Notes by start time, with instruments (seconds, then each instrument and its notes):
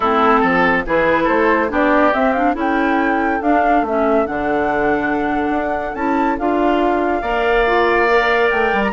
0.00 bassoon A3, clarinet C4, oboe E4, flute A4
0.40 bassoon F3, oboe A4
0.86 bassoon E3, clarinet E4, oboe G#4, flute B4
1.23 bassoon A3, oboe A4, flute C5
1.69 bassoon B3, clarinet D4, oboe G4, flute D5
2.13 clarinet C4, bassoon C4, flute E5
2.33 clarinet D4, flute F5
2.54 bassoon C#4, clarinet E4, oboe A4, flute G5
3.42 bassoon D4, clarinet D4, flute F5
3.82 bassoon A3, clarinet C#4, flute E5
4.26 bassoon D3, clarinet D4, flute F#5
5.49 bassoon D4
5.94 bassoon C#4, clarinet E4, flute A5
6.38 bassoon D4, clarinet F4, flute F5
7.21 bassoon A#3, clarinet A#4, oboe D5
7.66 clarinet F4
8.08 clarinet A#4
8.50 bassoon A3, flute G5
8.73 bassoon G3
8.84 flute A#5